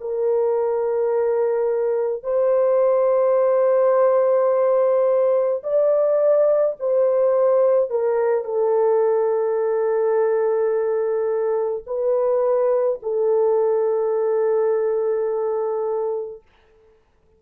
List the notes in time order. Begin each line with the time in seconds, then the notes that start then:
0.00 A#4
2.23 C5
5.63 D5
6.80 C5
7.90 A#4
8.44 A4
11.86 B4
13.02 A4